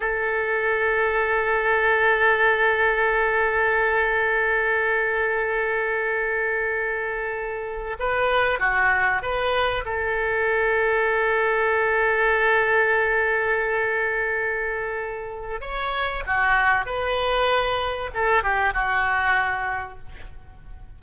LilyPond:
\new Staff \with { instrumentName = "oboe" } { \time 4/4 \tempo 4 = 96 a'1~ | a'1~ | a'1~ | a'8. b'4 fis'4 b'4 a'16~ |
a'1~ | a'1~ | a'4 cis''4 fis'4 b'4~ | b'4 a'8 g'8 fis'2 | }